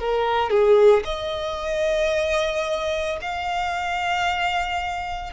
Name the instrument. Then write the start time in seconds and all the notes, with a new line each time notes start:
violin
0.00 A#4
0.50 G#4
1.05 D#5
3.22 F5